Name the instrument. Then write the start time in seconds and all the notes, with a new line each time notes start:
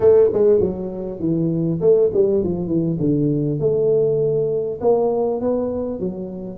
tuba
0.00 A3
0.33 G#3
0.60 F#3
1.19 E3
1.80 A3
2.13 G3
2.43 F3
2.67 E3
2.99 D3
3.59 A3
4.80 A#3
5.40 B3
5.99 F#3